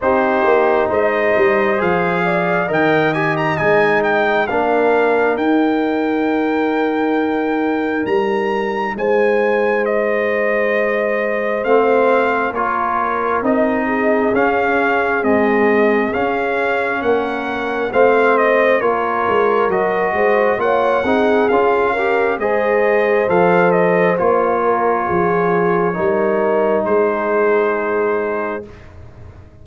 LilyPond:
<<
  \new Staff \with { instrumentName = "trumpet" } { \time 4/4 \tempo 4 = 67 c''4 dis''4 f''4 g''8 gis''16 ais''16 | gis''8 g''8 f''4 g''2~ | g''4 ais''4 gis''4 dis''4~ | dis''4 f''4 cis''4 dis''4 |
f''4 dis''4 f''4 fis''4 | f''8 dis''8 cis''4 dis''4 fis''4 | f''4 dis''4 f''8 dis''8 cis''4~ | cis''2 c''2 | }
  \new Staff \with { instrumentName = "horn" } { \time 4/4 g'4 c''4. d''8 dis''4~ | dis''4 ais'2.~ | ais'2 c''2~ | c''2 ais'4. gis'8~ |
gis'2. ais'4 | c''4 ais'4. c''8 cis''8 gis'8~ | gis'8 ais'8 c''2~ c''8 ais'8 | gis'4 ais'4 gis'2 | }
  \new Staff \with { instrumentName = "trombone" } { \time 4/4 dis'2 gis'4 ais'8 g'8 | dis'4 d'4 dis'2~ | dis'1~ | dis'4 c'4 f'4 dis'4 |
cis'4 gis4 cis'2 | c'4 f'4 fis'4 f'8 dis'8 | f'8 g'8 gis'4 a'4 f'4~ | f'4 dis'2. | }
  \new Staff \with { instrumentName = "tuba" } { \time 4/4 c'8 ais8 gis8 g8 f4 dis4 | gis4 ais4 dis'2~ | dis'4 g4 gis2~ | gis4 a4 ais4 c'4 |
cis'4 c'4 cis'4 ais4 | a4 ais8 gis8 fis8 gis8 ais8 c'8 | cis'4 gis4 f4 ais4 | f4 g4 gis2 | }
>>